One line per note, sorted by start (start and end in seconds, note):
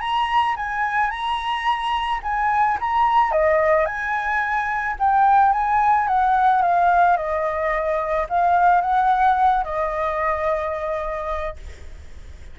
0.00 0.55 A#5
0.56 1.10 G#5
1.10 2.20 A#5
2.23 2.78 G#5
2.80 3.32 A#5
3.32 3.86 D#5
3.86 4.96 G#5
4.99 5.52 G5
5.52 6.08 G#5
6.08 6.62 F#5
6.62 7.17 F5
7.17 8.27 D#5
8.29 8.81 F5
8.81 9.64 F#5
9.64 11.56 D#5